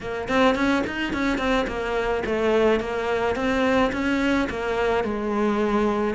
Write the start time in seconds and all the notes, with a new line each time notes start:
0.01 A#3
0.28 C4
0.55 C#4
0.87 D#4
1.13 C#4
1.38 C4
1.67 A#3
2.25 A3
2.79 A#3
3.35 C4
3.92 C#4
4.49 A#3
5.04 G#3